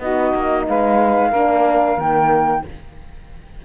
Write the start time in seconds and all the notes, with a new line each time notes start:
0.00 B3 D#4 F#4 D#5
0.35 A#3
0.69 G#3 B4 F5
1.30 A#3 D4 A#4
1.98 D#3 A#3 G5